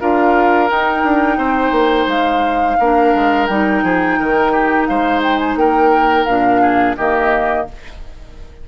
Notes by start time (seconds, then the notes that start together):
0.00 D4 F4 A#4 F5
0.69 D#4 G5
1.04 D4
1.37 C4 C5
1.71 A#3
2.06 G#3 F5
2.79 A#3 D4 A#4
3.15 G#3
3.46 G3 D#4 G5
3.83 F3 G#4
4.19 D#3 A#4
4.52 G4
4.86 G#3 C5 F5
5.23 G5
5.39 G#5
5.56 A#3 A#4 G5
6.25 A#2 D4 F5
6.61 G#4
6.97 D#3 A#3 G4 D#5